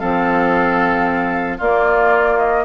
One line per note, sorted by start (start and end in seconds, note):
0.00 1.61 F3
0.00 1.59 C4
0.00 1.58 A4
0.00 1.59 F5
1.58 2.66 A#3
1.58 2.64 F4
1.58 2.39 D5
2.39 2.65 D#5